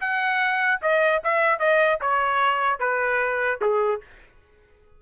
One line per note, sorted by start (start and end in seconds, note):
0.00 0.81 F#5
0.82 1.22 D#5
1.23 1.59 E5
1.59 1.99 D#5
2.01 2.79 C#5
2.79 3.60 B4
3.61 4.01 G#4